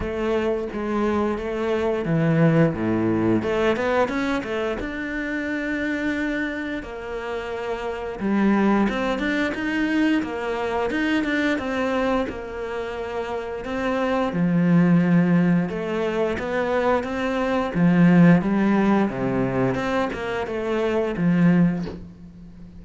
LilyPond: \new Staff \with { instrumentName = "cello" } { \time 4/4 \tempo 4 = 88 a4 gis4 a4 e4 | a,4 a8 b8 cis'8 a8 d'4~ | d'2 ais2 | g4 c'8 d'8 dis'4 ais4 |
dis'8 d'8 c'4 ais2 | c'4 f2 a4 | b4 c'4 f4 g4 | c4 c'8 ais8 a4 f4 | }